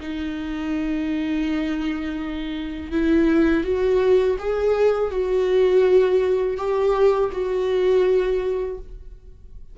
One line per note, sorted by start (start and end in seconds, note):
0.00 2.91 D#4
2.91 3.64 E4
3.64 4.37 F#4
4.39 5.11 G#4
5.11 6.57 F#4
6.57 7.30 G4
7.32 8.78 F#4